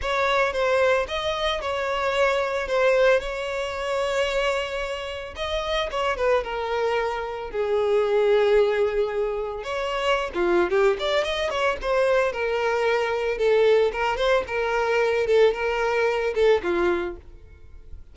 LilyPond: \new Staff \with { instrumentName = "violin" } { \time 4/4 \tempo 4 = 112 cis''4 c''4 dis''4 cis''4~ | cis''4 c''4 cis''2~ | cis''2 dis''4 cis''8 b'8 | ais'2 gis'2~ |
gis'2 cis''4~ cis''16 f'8. | g'8 d''8 dis''8 cis''8 c''4 ais'4~ | ais'4 a'4 ais'8 c''8 ais'4~ | ais'8 a'8 ais'4. a'8 f'4 | }